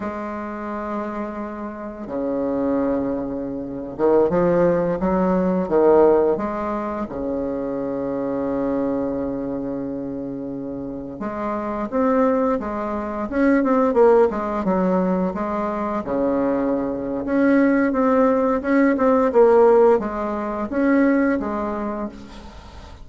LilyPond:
\new Staff \with { instrumentName = "bassoon" } { \time 4/4 \tempo 4 = 87 gis2. cis4~ | cis4.~ cis16 dis8 f4 fis8.~ | fis16 dis4 gis4 cis4.~ cis16~ | cis1~ |
cis16 gis4 c'4 gis4 cis'8 c'16~ | c'16 ais8 gis8 fis4 gis4 cis8.~ | cis4 cis'4 c'4 cis'8 c'8 | ais4 gis4 cis'4 gis4 | }